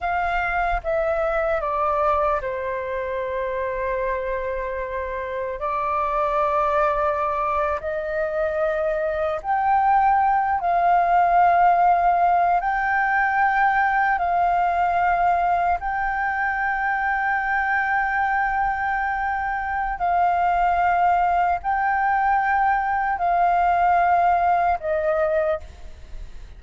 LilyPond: \new Staff \with { instrumentName = "flute" } { \time 4/4 \tempo 4 = 75 f''4 e''4 d''4 c''4~ | c''2. d''4~ | d''4.~ d''16 dis''2 g''16~ | g''4~ g''16 f''2~ f''8 g''16~ |
g''4.~ g''16 f''2 g''16~ | g''1~ | g''4 f''2 g''4~ | g''4 f''2 dis''4 | }